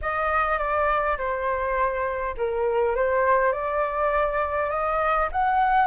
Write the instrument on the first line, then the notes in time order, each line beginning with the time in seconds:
flute
0.01 D#5
0.58 D5
1.17 C5
2.37 A#4
2.95 C5
3.52 D5
4.70 D#5
5.32 F#5